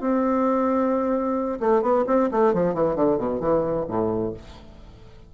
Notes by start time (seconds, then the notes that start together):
0.00 C4
1.60 A3
1.81 B3
2.06 C4
2.31 A3
2.54 F3
2.74 E3
2.95 D3
3.17 B2
3.40 E3
3.88 A2